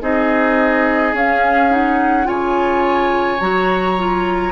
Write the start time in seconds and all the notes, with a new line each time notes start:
0.00 C4 D#4 G#4 D#5
1.13 C#4 F5
1.70 D#4 F#5
2.24 C#3 F4 C#5 G#5
3.40 F#3 F#4 A#5
3.97 F4